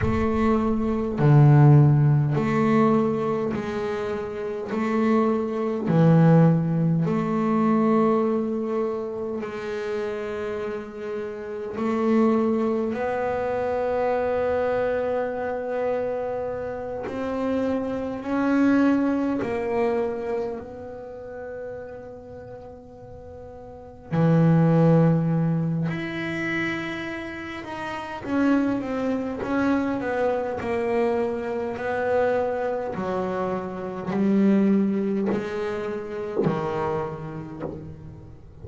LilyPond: \new Staff \with { instrumentName = "double bass" } { \time 4/4 \tempo 4 = 51 a4 d4 a4 gis4 | a4 e4 a2 | gis2 a4 b4~ | b2~ b8 c'4 cis'8~ |
cis'8 ais4 b2~ b8~ | b8 e4. e'4. dis'8 | cis'8 c'8 cis'8 b8 ais4 b4 | fis4 g4 gis4 dis4 | }